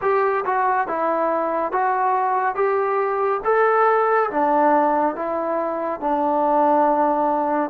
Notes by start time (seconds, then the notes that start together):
0.01 G4
0.45 F#4
0.87 E4
1.71 F#4
2.55 G4
3.44 A4
4.30 D4
5.15 E4
6.00 D4